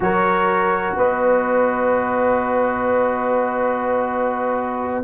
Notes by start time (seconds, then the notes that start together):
0.00 F#3 F#4 A#4 C#5
0.96 B3 B4 D#5